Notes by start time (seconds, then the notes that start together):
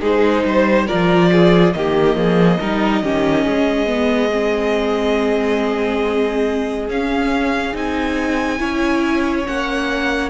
0.00 G#3 D#4 G#4 C5
0.44 G3 C5
0.87 F3 F4 A#4 D5
1.31 G#4
1.73 D#3 A#3 G4 D#5
2.15 F3 G#4
2.60 G3 D#4 A#4
3.02 D#3 C#4 G4
3.44 G#3 G#4
3.86 B3
4.31 C4
6.88 C#4 F5
7.73 C4 D#4 G#5
8.58 C#4 E4 C#5
9.45 A#3 C#4 F#5